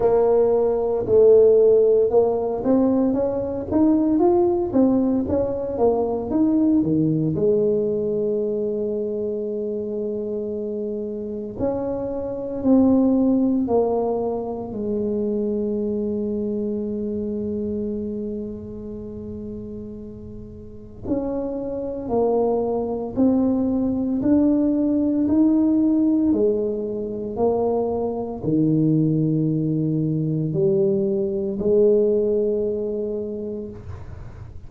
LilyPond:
\new Staff \with { instrumentName = "tuba" } { \time 4/4 \tempo 4 = 57 ais4 a4 ais8 c'8 cis'8 dis'8 | f'8 c'8 cis'8 ais8 dis'8 dis8 gis4~ | gis2. cis'4 | c'4 ais4 gis2~ |
gis1 | cis'4 ais4 c'4 d'4 | dis'4 gis4 ais4 dis4~ | dis4 g4 gis2 | }